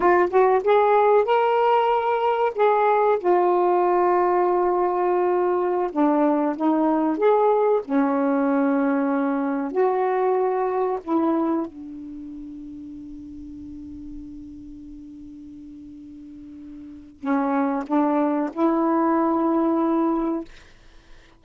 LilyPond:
\new Staff \with { instrumentName = "saxophone" } { \time 4/4 \tempo 4 = 94 f'8 fis'8 gis'4 ais'2 | gis'4 f'2.~ | f'4~ f'16 d'4 dis'4 gis'8.~ | gis'16 cis'2. fis'8.~ |
fis'4~ fis'16 e'4 d'4.~ d'16~ | d'1~ | d'2. cis'4 | d'4 e'2. | }